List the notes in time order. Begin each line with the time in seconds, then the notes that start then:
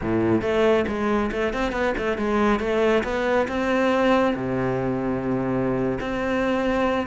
0.01 A2
0.41 A3
0.87 G#3
1.31 A3
1.53 C4
1.72 B3
1.97 A3
2.17 G#3
2.59 A3
3.03 B3
3.48 C4
4.35 C3
6.00 C4